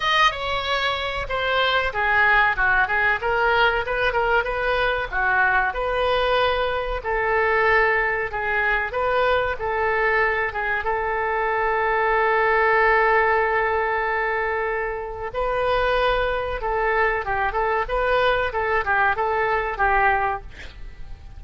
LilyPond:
\new Staff \with { instrumentName = "oboe" } { \time 4/4 \tempo 4 = 94 dis''8 cis''4. c''4 gis'4 | fis'8 gis'8 ais'4 b'8 ais'8 b'4 | fis'4 b'2 a'4~ | a'4 gis'4 b'4 a'4~ |
a'8 gis'8 a'2.~ | a'1 | b'2 a'4 g'8 a'8 | b'4 a'8 g'8 a'4 g'4 | }